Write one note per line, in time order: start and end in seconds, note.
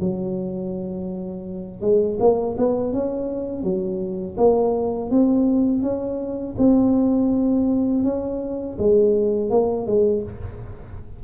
0.00 1.82 F#3
1.82 2.18 G#3
2.20 2.56 A#3
2.58 2.93 B3
2.93 3.64 C#4
3.64 4.37 F#3
4.37 5.11 A#3
5.11 5.83 C4
5.83 6.56 C#4
6.58 8.04 C4
8.04 8.77 C#4
8.79 9.50 G#3
9.50 9.86 A#3
9.86 10.23 G#3